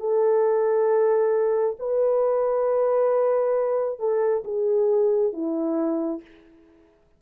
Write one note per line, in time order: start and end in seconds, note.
0.00 1.76 A4
1.80 4.00 B4
4.00 4.44 A4
4.45 5.33 G#4
5.33 6.22 E4